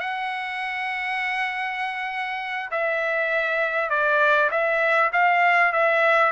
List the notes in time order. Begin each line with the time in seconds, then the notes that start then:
0.00 F#5
2.71 E5
3.90 D5
4.51 E5
5.13 F5
5.73 E5